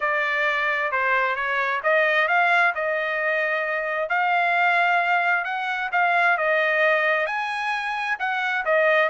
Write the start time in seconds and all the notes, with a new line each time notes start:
0.00 D5
0.91 C5
1.35 C#5
1.83 D#5
2.27 F5
2.75 D#5
4.09 F5
5.44 F#5
5.92 F5
6.37 D#5
7.26 G#5
8.19 F#5
8.65 D#5